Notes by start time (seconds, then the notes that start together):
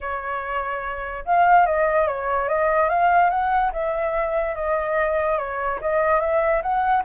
0.00 C#5
1.25 F5
1.66 D#5
2.07 C#5
2.48 D#5
2.89 F5
3.30 F#5
3.72 E5
4.55 D#5
5.38 C#5
5.81 D#5
6.20 E5
6.62 F#5